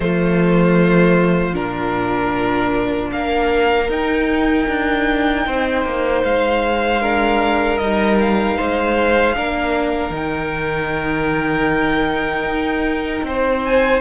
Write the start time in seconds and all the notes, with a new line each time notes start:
0.00 F3 A3 F4 C5
1.53 A#2 D4 A#4
3.12 A#3 A#4 F5
3.88 D#4 G5
4.68 D4
5.46 C4 C5
5.84 A#3
6.23 G#3 F5
7.01 D4 A#4
7.77 G3 D#4 D#5
8.20 F5
8.56 G#3 C5
9.34 A#3 D4 A#4
10.09 D#3 D#4 G5
12.43 D#4
13.23 C4 C5
13.64 G#5